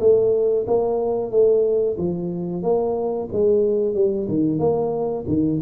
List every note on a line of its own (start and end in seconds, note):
0.00 0.66 A3
0.67 1.31 A#3
1.31 1.97 A3
1.98 2.63 F3
2.63 3.29 A#3
3.33 3.95 G#3
3.95 4.28 G3
4.29 4.59 D#3
4.59 5.25 A#3
5.28 5.61 D#3